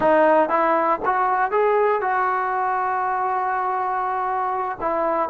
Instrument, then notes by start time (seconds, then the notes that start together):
trombone
0.00 D#4
0.49 E4
1.05 F#4
1.51 G#4
2.01 F#4
4.80 E4